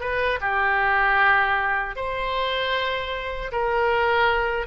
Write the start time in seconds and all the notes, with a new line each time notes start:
0.00 B4
0.40 G4
1.96 C5
3.51 A#4